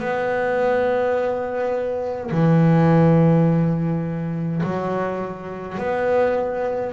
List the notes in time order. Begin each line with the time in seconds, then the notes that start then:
0.00 B3
2.32 E3
4.64 F#3
5.78 B3